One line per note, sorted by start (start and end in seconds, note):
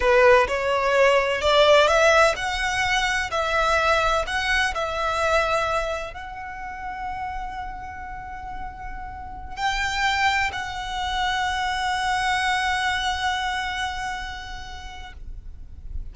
0.00 0.47 B4
0.47 1.41 C#5
1.41 1.87 D5
1.87 2.34 E5
2.36 3.30 F#5
3.30 4.25 E5
4.26 4.74 F#5
4.74 6.13 E5
6.13 9.56 F#5
9.56 10.51 G5
10.52 15.13 F#5